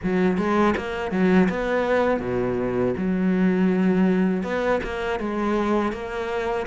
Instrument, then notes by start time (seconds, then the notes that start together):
cello
0.03 F#3
0.37 G#3
0.76 A#3
1.11 F#3
1.49 B3
2.20 B2
2.97 F#3
4.43 B3
4.83 A#3
5.19 G#3
5.92 A#3